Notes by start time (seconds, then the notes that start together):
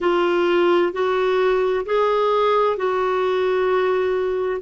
0.00 F4
0.92 F#4
1.85 G#4
2.77 F#4